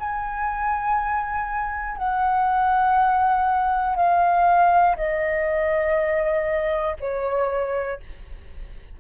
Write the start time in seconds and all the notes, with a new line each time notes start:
0.00 G#5
1.98 F#5
3.96 F5
4.96 D#5
7.00 C#5